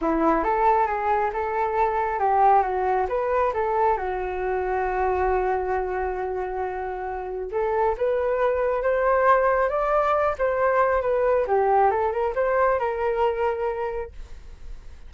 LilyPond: \new Staff \with { instrumentName = "flute" } { \time 4/4 \tempo 4 = 136 e'4 a'4 gis'4 a'4~ | a'4 g'4 fis'4 b'4 | a'4 fis'2.~ | fis'1~ |
fis'4 a'4 b'2 | c''2 d''4. c''8~ | c''4 b'4 g'4 a'8 ais'8 | c''4 ais'2. | }